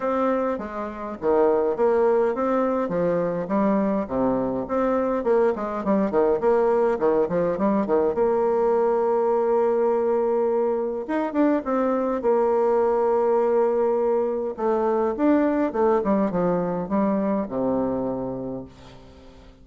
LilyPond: \new Staff \with { instrumentName = "bassoon" } { \time 4/4 \tempo 4 = 103 c'4 gis4 dis4 ais4 | c'4 f4 g4 c4 | c'4 ais8 gis8 g8 dis8 ais4 | dis8 f8 g8 dis8 ais2~ |
ais2. dis'8 d'8 | c'4 ais2.~ | ais4 a4 d'4 a8 g8 | f4 g4 c2 | }